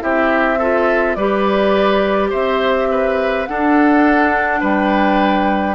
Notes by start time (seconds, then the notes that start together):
0.00 C4 E4 G4 E5
0.59 F4 A4
1.15 G3 G4 B4 D5
2.30 C4 C5 E5
2.91 B4
3.46 D4 A4 F#5
4.61 G3 B4 G5